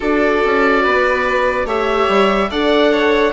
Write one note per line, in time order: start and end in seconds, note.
0.00 0.43 D4
0.00 1.66 F#4
0.00 0.82 A4
0.00 1.68 D5
0.45 0.86 C#4
0.82 1.65 B3
0.82 1.65 B4
1.65 2.07 A3
1.65 2.49 G4
1.65 2.49 C#5
1.65 2.51 E5
2.08 2.50 G3
2.50 3.33 D4
2.50 3.33 A4
2.50 2.91 D5
2.50 3.33 F#5
2.91 3.33 C#5